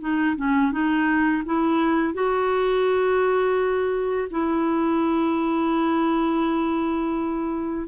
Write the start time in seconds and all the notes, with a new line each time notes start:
0.00 D#4
0.36 C#4
0.71 D#4
1.45 E4
2.14 F#4
4.31 E4